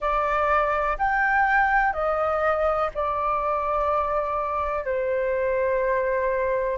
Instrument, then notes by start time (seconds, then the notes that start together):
flute
0.00 D5
0.98 G5
1.93 D#5
2.94 D5
4.84 C5